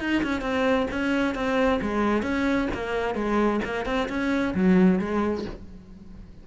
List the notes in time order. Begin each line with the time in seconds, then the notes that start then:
0.00 D#4
0.23 C#4
0.41 C4
0.91 C#4
1.35 C4
1.82 G#3
2.23 C#4
2.74 A#3
3.15 G#3
3.65 A#3
3.86 C4
4.09 C#4
4.55 F#3
4.99 G#3